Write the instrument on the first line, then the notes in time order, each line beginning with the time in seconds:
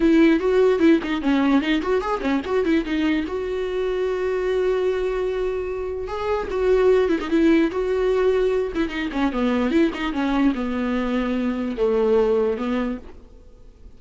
viola
0.00 E4
0.39 F#4
0.79 E4
1.03 D#4
1.21 C#4
1.61 D#4
1.82 F#4
2.01 G#4
2.20 C#4
2.45 F#4
2.64 E4
2.84 D#4
3.27 F#4
6.07 G#4
6.50 F#4
7.08 E4
7.20 D#4
7.30 E4
7.71 F#4
8.75 E4
8.89 D#4
9.12 C#4
9.32 B3
9.70 E4
9.93 D#4
10.12 C#4
10.54 B3
11.76 A3
12.57 B3